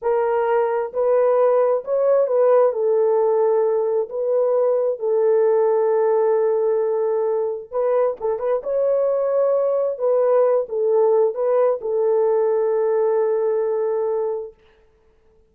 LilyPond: \new Staff \with { instrumentName = "horn" } { \time 4/4 \tempo 4 = 132 ais'2 b'2 | cis''4 b'4 a'2~ | a'4 b'2 a'4~ | a'1~ |
a'4 b'4 a'8 b'8 cis''4~ | cis''2 b'4. a'8~ | a'4 b'4 a'2~ | a'1 | }